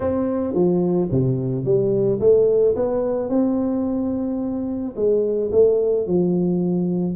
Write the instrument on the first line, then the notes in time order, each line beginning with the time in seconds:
tuba
0.00 C4
0.54 F3
1.11 C3
1.64 G3
2.20 A3
2.75 B3
3.29 C4
4.95 G#3
5.51 A3
6.07 F3